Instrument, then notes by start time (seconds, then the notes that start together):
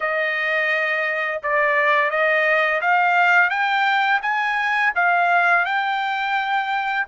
trumpet
0.00 D#5
1.42 D5
2.10 D#5
2.81 F5
3.49 G5
4.22 G#5
4.95 F5
5.65 G5